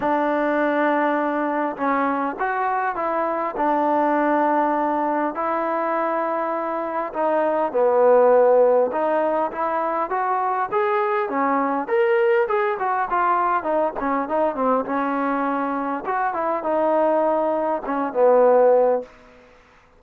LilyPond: \new Staff \with { instrumentName = "trombone" } { \time 4/4 \tempo 4 = 101 d'2. cis'4 | fis'4 e'4 d'2~ | d'4 e'2. | dis'4 b2 dis'4 |
e'4 fis'4 gis'4 cis'4 | ais'4 gis'8 fis'8 f'4 dis'8 cis'8 | dis'8 c'8 cis'2 fis'8 e'8 | dis'2 cis'8 b4. | }